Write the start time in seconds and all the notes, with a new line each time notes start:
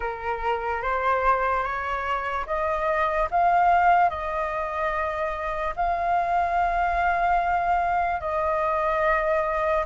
0.00 A#4
0.82 C5
1.63 C#5
2.46 D#5
3.31 F5
4.09 D#5
5.76 F5
8.20 D#5